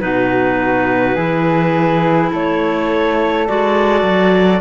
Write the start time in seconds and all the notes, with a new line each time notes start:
0.00 B2 D#4 F#4 B4
1.15 E3 E4 G#4
2.31 A3 A4 C#5
3.47 G#3 F#4 D5
4.02 F#3